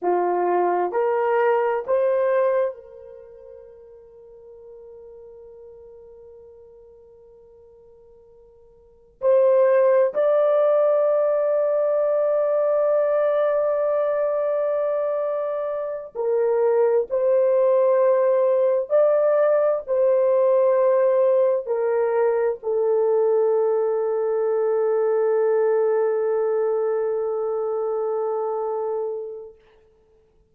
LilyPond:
\new Staff \with { instrumentName = "horn" } { \time 4/4 \tempo 4 = 65 f'4 ais'4 c''4 ais'4~ | ais'1~ | ais'2 c''4 d''4~ | d''1~ |
d''4. ais'4 c''4.~ | c''8 d''4 c''2 ais'8~ | ais'8 a'2.~ a'8~ | a'1 | }